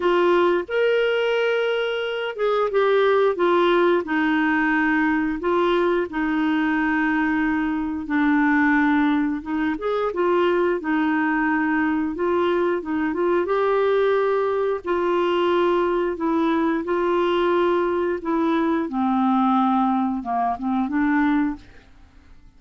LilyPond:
\new Staff \with { instrumentName = "clarinet" } { \time 4/4 \tempo 4 = 89 f'4 ais'2~ ais'8 gis'8 | g'4 f'4 dis'2 | f'4 dis'2. | d'2 dis'8 gis'8 f'4 |
dis'2 f'4 dis'8 f'8 | g'2 f'2 | e'4 f'2 e'4 | c'2 ais8 c'8 d'4 | }